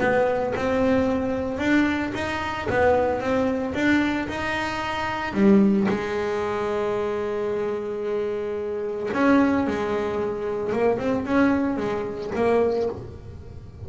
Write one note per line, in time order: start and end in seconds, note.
0.00 0.54 B3
0.56 1.58 C4
1.58 2.12 D4
2.14 2.68 D#4
2.69 3.20 B3
3.20 3.74 C4
3.74 4.28 D4
4.28 5.33 D#4
5.33 5.87 G3
5.88 9.09 G#3
9.13 9.67 C#4
9.67 10.72 G#3
10.72 10.98 A#3
10.98 11.25 C4
11.25 11.77 C#4
11.77 12.30 G#3
12.35 12.89 A#3